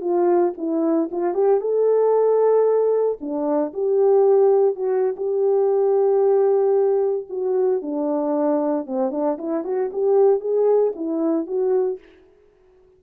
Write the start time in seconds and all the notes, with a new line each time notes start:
0.00 F4
0.57 E4
1.11 F4
1.34 G4
1.60 A4
3.20 D4
3.73 G4
4.75 F#4
5.16 G4
7.29 F#4
7.81 D4
8.86 C4
9.11 D4
9.38 E4
9.64 F#4
9.92 G4
10.40 G#4
10.95 E4
11.46 F#4